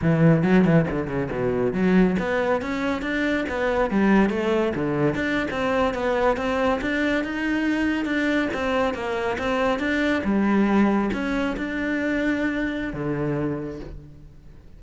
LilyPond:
\new Staff \with { instrumentName = "cello" } { \time 4/4 \tempo 4 = 139 e4 fis8 e8 d8 cis8 b,4 | fis4 b4 cis'4 d'4 | b4 g4 a4 d4 | d'8. c'4 b4 c'4 d'16~ |
d'8. dis'2 d'4 c'16~ | c'8. ais4 c'4 d'4 g16~ | g4.~ g16 cis'4 d'4~ d'16~ | d'2 d2 | }